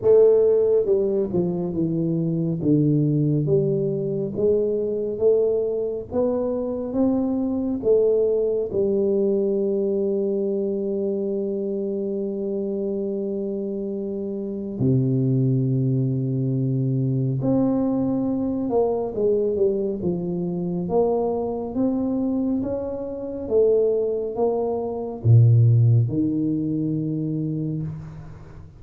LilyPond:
\new Staff \with { instrumentName = "tuba" } { \time 4/4 \tempo 4 = 69 a4 g8 f8 e4 d4 | g4 gis4 a4 b4 | c'4 a4 g2~ | g1~ |
g4 c2. | c'4. ais8 gis8 g8 f4 | ais4 c'4 cis'4 a4 | ais4 ais,4 dis2 | }